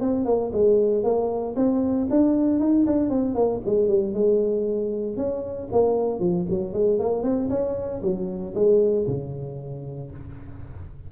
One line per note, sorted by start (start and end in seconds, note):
0.00 0.25 C4
0.25 0.51 A#3
0.52 1.03 G#3
1.03 1.55 A#3
1.56 2.08 C4
2.10 2.60 D4
2.60 2.85 D#4
2.86 3.09 D4
3.09 3.35 C4
3.35 3.60 A#3
3.65 3.88 G#3
3.88 4.13 G3
4.13 5.17 G#3
5.17 5.68 C#4
5.72 6.19 A#3
6.19 6.45 F3
6.49 6.73 F#3
6.73 6.99 G#3
6.99 7.22 A#3
7.22 7.48 C4
7.49 8.01 C#4
8.02 8.54 F#3
8.54 9.06 G#3
9.07 10.11 C#3